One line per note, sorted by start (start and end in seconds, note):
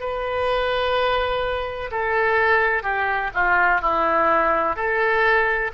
0.00 1.90 B4
1.91 2.83 A4
2.83 3.30 G4
3.34 3.81 F4
3.81 4.76 E4
4.76 5.71 A4